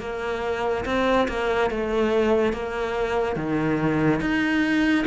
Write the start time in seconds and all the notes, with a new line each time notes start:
0.00 A#3
0.85 C4
1.28 A#3
1.70 A3
2.52 A#3
3.36 D#3
4.20 D#4